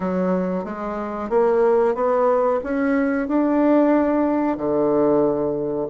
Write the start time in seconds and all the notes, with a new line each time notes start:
0.00 F#3
0.64 G#3
1.29 A#3
1.94 B3
2.63 C#4
3.28 D4
4.57 D3